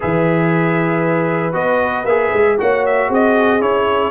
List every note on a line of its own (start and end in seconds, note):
0.00 1.53 E3
0.00 1.52 G#4
0.00 2.57 B4
0.00 1.54 E5
1.52 2.04 B3
1.52 2.04 F#4
1.52 2.05 D#5
2.04 2.30 A#3
2.04 2.58 G#4
2.04 2.57 E5
2.33 2.59 G#3
2.58 3.09 A#3
2.58 3.60 F#4
2.58 3.08 C#5
2.58 2.85 F#5
2.85 3.11 E5
3.08 3.61 C4
3.08 4.10 G#4
3.08 3.61 D#5
3.60 4.10 C#4
3.60 4.10 E4
3.60 4.10 C#5